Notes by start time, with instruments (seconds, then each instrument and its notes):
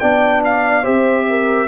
0.00 tuba B3, trombone D4, horn D5, trumpet G5
0.45 trumpet F5
0.82 tuba C4, trombone G4, horn C5, trumpet E5
1.30 horn A#4